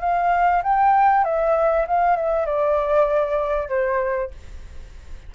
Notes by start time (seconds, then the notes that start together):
0.00 F5
0.63 G5
1.24 E5
1.87 F5
2.16 E5
2.45 D5
3.68 C5